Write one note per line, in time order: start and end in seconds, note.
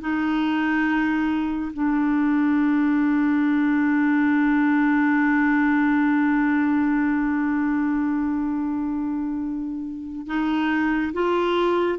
0.00 1.71 D#4
1.73 10.26 D4
10.26 11.12 D#4
11.13 11.98 F4